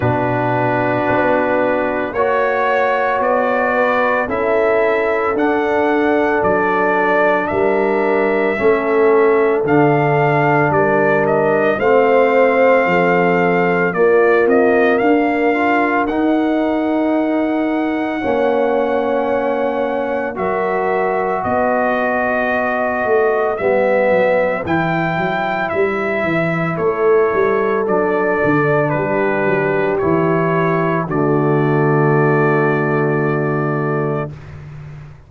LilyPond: <<
  \new Staff \with { instrumentName = "trumpet" } { \time 4/4 \tempo 4 = 56 b'2 cis''4 d''4 | e''4 fis''4 d''4 e''4~ | e''4 f''4 d''8 dis''8 f''4~ | f''4 d''8 dis''8 f''4 fis''4~ |
fis''2. e''4 | dis''2 e''4 g''4 | e''4 cis''4 d''4 b'4 | cis''4 d''2. | }
  \new Staff \with { instrumentName = "horn" } { \time 4/4 fis'2 cis''4. b'8 | a'2. ais'4 | a'2 ais'4 c''4 | a'4 f'4 ais'2~ |
ais'4 cis''2 ais'4 | b'1~ | b'4 a'2 g'4~ | g'4 fis'2. | }
  \new Staff \with { instrumentName = "trombone" } { \time 4/4 d'2 fis'2 | e'4 d'2. | cis'4 d'2 c'4~ | c'4 ais4. f'8 dis'4~ |
dis'4 cis'2 fis'4~ | fis'2 b4 e'4~ | e'2 d'2 | e'4 a2. | }
  \new Staff \with { instrumentName = "tuba" } { \time 4/4 b,4 b4 ais4 b4 | cis'4 d'4 fis4 g4 | a4 d4 g4 a4 | f4 ais8 c'8 d'4 dis'4~ |
dis'4 ais2 fis4 | b4. a8 g8 fis8 e8 fis8 | g8 e8 a8 g8 fis8 d8 g8 fis8 | e4 d2. | }
>>